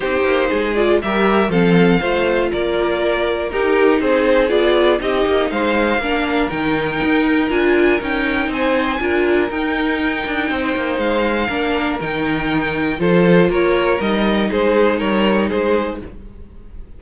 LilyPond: <<
  \new Staff \with { instrumentName = "violin" } { \time 4/4 \tempo 4 = 120 c''4. d''8 e''4 f''4~ | f''4 d''2 ais'4 | c''4 d''4 dis''4 f''4~ | f''4 g''2 gis''4 |
g''4 gis''2 g''4~ | g''2 f''2 | g''2 c''4 cis''4 | dis''4 c''4 cis''4 c''4 | }
  \new Staff \with { instrumentName = "violin" } { \time 4/4 g'4 gis'4 ais'4 a'4 | c''4 ais'2 g'4 | gis'2 g'4 c''4 | ais'1~ |
ais'4 c''4 ais'2~ | ais'4 c''2 ais'4~ | ais'2 a'4 ais'4~ | ais'4 gis'4 ais'4 gis'4 | }
  \new Staff \with { instrumentName = "viola" } { \time 4/4 dis'4. f'8 g'4 c'4 | f'2. dis'4~ | dis'4 f'4 dis'2 | d'4 dis'2 f'4 |
dis'2 f'4 dis'4~ | dis'2. d'4 | dis'2 f'2 | dis'1 | }
  \new Staff \with { instrumentName = "cello" } { \time 4/4 c'8 ais8 gis4 g4 f4 | a4 ais2 dis'4 | c'4 b4 c'8 ais8 gis4 | ais4 dis4 dis'4 d'4 |
cis'4 c'4 d'4 dis'4~ | dis'8 d'8 c'8 ais8 gis4 ais4 | dis2 f4 ais4 | g4 gis4 g4 gis4 | }
>>